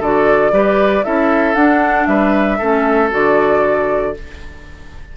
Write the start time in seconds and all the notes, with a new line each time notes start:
0.00 D3 F#4 A4 D5
0.52 G3 G4 B4
1.04 C#4 E4 A4 E5
1.55 D4 F#5
2.06 G3 B4 E5
2.58 A3 C#4 A4
3.11 D3 F#4 D5